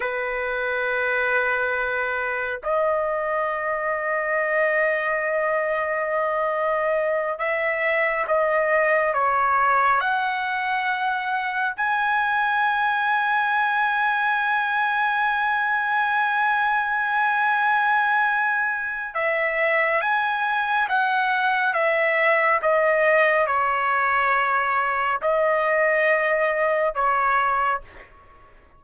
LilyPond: \new Staff \with { instrumentName = "trumpet" } { \time 4/4 \tempo 4 = 69 b'2. dis''4~ | dis''1~ | dis''8 e''4 dis''4 cis''4 fis''8~ | fis''4. gis''2~ gis''8~ |
gis''1~ | gis''2 e''4 gis''4 | fis''4 e''4 dis''4 cis''4~ | cis''4 dis''2 cis''4 | }